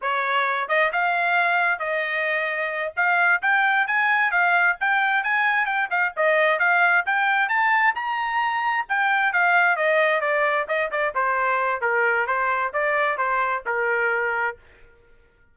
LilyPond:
\new Staff \with { instrumentName = "trumpet" } { \time 4/4 \tempo 4 = 132 cis''4. dis''8 f''2 | dis''2~ dis''8 f''4 g''8~ | g''8 gis''4 f''4 g''4 gis''8~ | gis''8 g''8 f''8 dis''4 f''4 g''8~ |
g''8 a''4 ais''2 g''8~ | g''8 f''4 dis''4 d''4 dis''8 | d''8 c''4. ais'4 c''4 | d''4 c''4 ais'2 | }